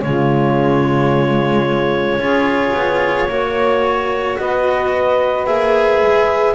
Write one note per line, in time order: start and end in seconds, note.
0.00 2.17 C#3
0.00 2.18 G#3
0.00 2.20 F4
0.00 4.36 C#5
2.17 2.72 C#4
2.17 3.27 F4
2.17 3.29 G#4
2.73 3.27 B3
3.27 4.37 A#3
3.27 5.46 F#4
3.27 4.38 C#5
4.38 5.47 B3
4.38 6.54 B4
4.38 5.45 D#5
5.45 6.02 A#3
5.45 6.54 G#4
5.45 6.54 E5
6.02 6.54 G#3